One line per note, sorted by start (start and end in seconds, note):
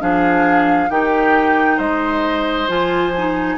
0.00 0.90 F3
0.00 0.90 D4
0.00 0.90 G#4
0.00 0.91 F5
0.90 1.79 D#3
0.90 2.69 D#4
0.90 1.77 G4
0.90 1.79 G5
1.77 2.69 G#3
1.77 3.56 C5
1.77 2.69 D#5
2.69 3.58 F3
2.69 3.13 F4
2.69 3.58 G#5
3.18 3.58 D#4